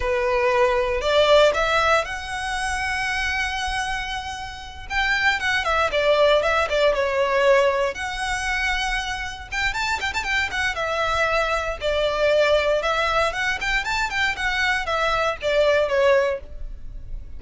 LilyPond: \new Staff \with { instrumentName = "violin" } { \time 4/4 \tempo 4 = 117 b'2 d''4 e''4 | fis''1~ | fis''4. g''4 fis''8 e''8 d''8~ | d''8 e''8 d''8 cis''2 fis''8~ |
fis''2~ fis''8 g''8 a''8 g''16 a''16 | g''8 fis''8 e''2 d''4~ | d''4 e''4 fis''8 g''8 a''8 g''8 | fis''4 e''4 d''4 cis''4 | }